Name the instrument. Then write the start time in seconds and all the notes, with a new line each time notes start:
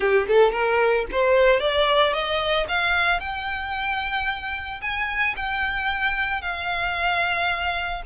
violin
0.00 G4
0.27 A4
0.52 A#4
1.11 C5
1.60 D5
2.13 D#5
2.68 F5
3.19 G5
4.81 G#5
5.36 G5
6.41 F5